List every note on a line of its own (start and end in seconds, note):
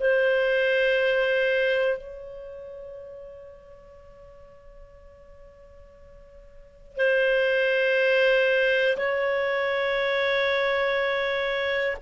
0.00 1.98 C5
1.98 6.97 C#5
6.97 8.97 C5
8.97 11.97 C#5